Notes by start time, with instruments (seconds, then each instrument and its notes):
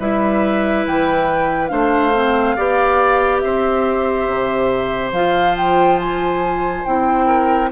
0.00 bassoon G3, clarinet E4, oboe B4, flute E5
0.87 bassoon E3, flute G5
1.68 bassoon A3, clarinet D4, oboe C5, flute F5
2.15 clarinet C4
2.56 bassoon B3, clarinet G4, oboe D5
3.40 bassoon C4, oboe C5, flute E5
4.28 bassoon C3
5.12 bassoon F3, clarinet F4, flute F5
5.57 flute G5
6.00 flute G#5
6.85 bassoon C4, clarinet E4, flute G5
7.27 oboe A#4